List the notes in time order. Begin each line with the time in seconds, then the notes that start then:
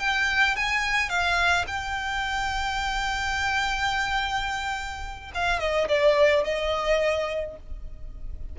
0.00 G5
0.56 G#5
1.09 F5
1.67 G5
5.35 F5
5.60 D#5
5.89 D5
6.44 D#5